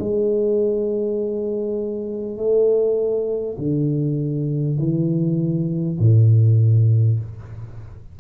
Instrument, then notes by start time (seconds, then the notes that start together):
tuba
0.00 G#3
2.37 A3
3.58 D3
4.79 E3
6.00 A2